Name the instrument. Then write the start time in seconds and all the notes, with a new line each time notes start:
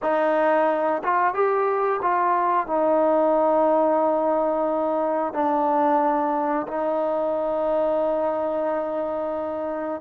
trombone
0.02 D#4
1.03 F4
1.33 G4
2.02 F4
2.67 D#4
5.33 D4
6.67 D#4